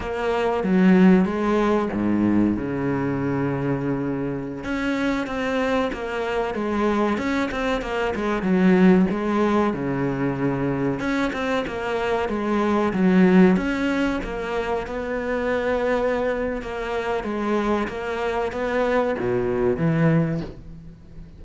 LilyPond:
\new Staff \with { instrumentName = "cello" } { \time 4/4 \tempo 4 = 94 ais4 fis4 gis4 gis,4 | cis2.~ cis16 cis'8.~ | cis'16 c'4 ais4 gis4 cis'8 c'16~ | c'16 ais8 gis8 fis4 gis4 cis8.~ |
cis4~ cis16 cis'8 c'8 ais4 gis8.~ | gis16 fis4 cis'4 ais4 b8.~ | b2 ais4 gis4 | ais4 b4 b,4 e4 | }